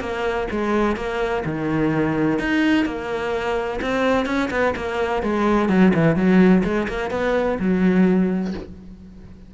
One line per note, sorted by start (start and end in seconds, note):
0.00 0.47 A#3
0.51 0.96 G#3
0.96 1.43 A#3
1.45 2.39 D#3
2.39 2.85 D#4
2.85 3.80 A#3
3.81 4.26 C4
4.26 4.49 C#4
4.50 4.74 B3
4.76 5.22 A#3
5.22 5.69 G#3
5.69 5.92 F#3
5.94 6.15 E3
6.15 6.63 F#3
6.64 6.87 G#3
6.88 7.11 A#3
7.11 7.58 B3
7.59 8.54 F#3